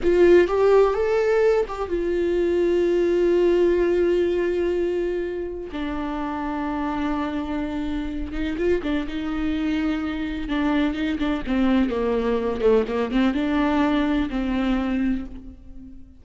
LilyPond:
\new Staff \with { instrumentName = "viola" } { \time 4/4 \tempo 4 = 126 f'4 g'4 a'4. g'8 | f'1~ | f'1 | d'1~ |
d'4. dis'8 f'8 d'8 dis'4~ | dis'2 d'4 dis'8 d'8 | c'4 ais4. a8 ais8 c'8 | d'2 c'2 | }